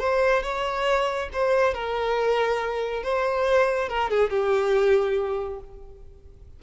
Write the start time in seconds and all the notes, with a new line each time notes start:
0.00 C5
0.43 C#5
1.33 C5
1.74 A#4
3.04 C5
3.89 A#4
4.10 G#4
4.30 G4